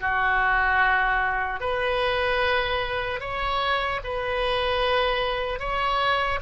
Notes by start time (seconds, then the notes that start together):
0.00 F#4
1.60 B4
3.20 C#5
4.04 B4
5.59 C#5